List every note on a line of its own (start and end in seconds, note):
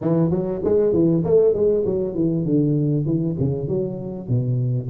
0.01 0.30 E3
0.30 0.61 F#3
0.64 0.93 G#3
0.93 1.23 E3
1.24 1.54 A3
1.54 1.84 G#3
1.85 2.14 F#3
2.14 2.45 E3
2.45 3.05 D3
3.05 3.36 E3
3.39 3.67 C#3
3.67 4.28 F#3
4.28 4.89 B2